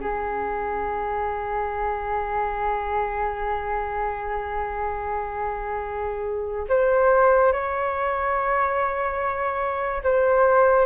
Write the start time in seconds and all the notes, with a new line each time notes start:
0.00 G#4
6.69 C5
7.52 C#5
10.03 C5